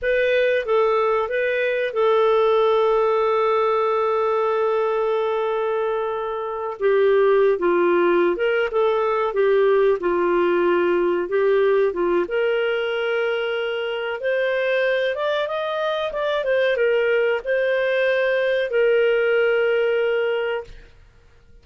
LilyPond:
\new Staff \with { instrumentName = "clarinet" } { \time 4/4 \tempo 4 = 93 b'4 a'4 b'4 a'4~ | a'1~ | a'2~ a'8 g'4~ g'16 f'16~ | f'4 ais'8 a'4 g'4 f'8~ |
f'4. g'4 f'8 ais'4~ | ais'2 c''4. d''8 | dis''4 d''8 c''8 ais'4 c''4~ | c''4 ais'2. | }